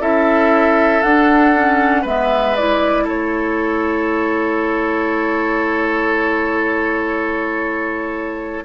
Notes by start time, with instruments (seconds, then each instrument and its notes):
0.00 bassoon C#4, clarinet E4, oboe A4, flute E5
1.02 bassoon D4, clarinet D4, flute F#5
1.56 clarinet C#4
2.02 bassoon G#3, clarinet B3, oboe B4, flute E5
2.56 clarinet E4, flute D5
3.04 bassoon A3, oboe A4, flute C#5